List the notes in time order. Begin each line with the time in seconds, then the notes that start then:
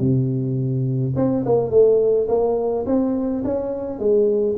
0.00 C3
1.16 C4
1.45 A#3
1.70 A3
2.28 A#3
2.86 C4
3.44 C#4
3.99 G#3